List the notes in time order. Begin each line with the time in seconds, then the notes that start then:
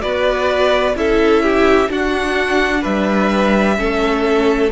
0.00 B3 F#4 B4 D5
0.95 C#4 E4 A4 E5
1.42 G4
1.89 D4 F#4 F#5
2.81 G3 B4 E5
3.77 A3 C#4 A4